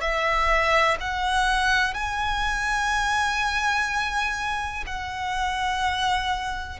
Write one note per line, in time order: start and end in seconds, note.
0.00 0.97 E5
1.00 1.94 F#5
1.94 4.84 G#5
4.86 6.79 F#5